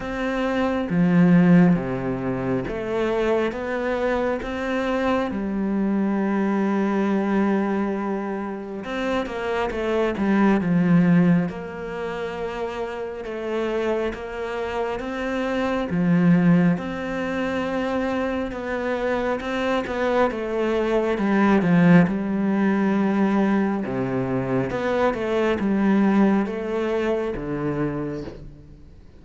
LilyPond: \new Staff \with { instrumentName = "cello" } { \time 4/4 \tempo 4 = 68 c'4 f4 c4 a4 | b4 c'4 g2~ | g2 c'8 ais8 a8 g8 | f4 ais2 a4 |
ais4 c'4 f4 c'4~ | c'4 b4 c'8 b8 a4 | g8 f8 g2 c4 | b8 a8 g4 a4 d4 | }